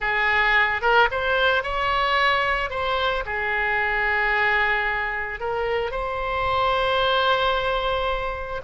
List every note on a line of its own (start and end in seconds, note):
0.00 0.81 G#4
0.81 1.08 A#4
1.11 1.63 C5
1.63 2.70 C#5
2.70 3.24 C5
3.25 5.39 G#4
5.39 5.91 A#4
5.91 8.61 C5